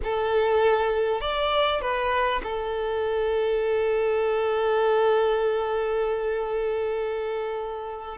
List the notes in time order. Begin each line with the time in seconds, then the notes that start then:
0.03 A4
1.20 D5
1.81 B4
2.43 A4